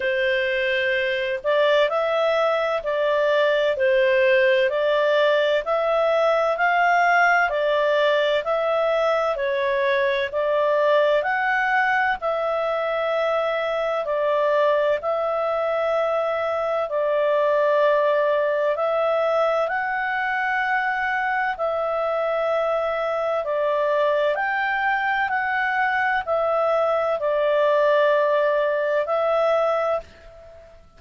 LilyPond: \new Staff \with { instrumentName = "clarinet" } { \time 4/4 \tempo 4 = 64 c''4. d''8 e''4 d''4 | c''4 d''4 e''4 f''4 | d''4 e''4 cis''4 d''4 | fis''4 e''2 d''4 |
e''2 d''2 | e''4 fis''2 e''4~ | e''4 d''4 g''4 fis''4 | e''4 d''2 e''4 | }